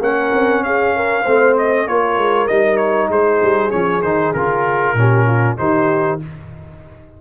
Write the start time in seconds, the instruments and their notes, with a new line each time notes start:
0.00 tuba A#3, trombone C#4, horn A#4, trumpet F#5
0.33 tuba C4
0.63 tuba C#4, horn G#4, trumpet F5
0.96 horn A#4
1.22 tuba A3, trombone C4, horn C5
1.58 trumpet D#5
1.87 tuba A#3, trombone F4, horn A#4, trumpet C#5
2.17 tuba G#3
2.47 tuba G3, trombone D#4, trumpet D#5
2.77 trumpet C#5
3.09 tuba G#3, horn G#4, trumpet C5
3.42 tuba G3
3.70 tuba F3, trombone C#4, trumpet C#5
4.02 tuba D#3, trombone D#4, trumpet C5
4.34 tuba C#3, trombone F4, trumpet A#4
4.94 tuba A#2, trombone C#4, horn G4
5.26 horn F4
5.58 tuba D#3, trombone D#4, horn G4, trumpet C5